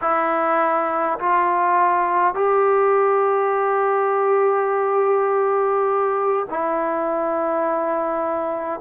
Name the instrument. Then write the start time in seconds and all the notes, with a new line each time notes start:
trombone
0.01 E4
1.19 F4
2.34 G4
6.49 E4